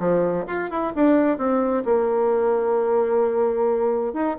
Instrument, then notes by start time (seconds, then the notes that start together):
bassoon
0.00 F3
0.47 F4
0.70 E4
0.96 D4
1.38 C4
1.85 A#3
4.14 D#4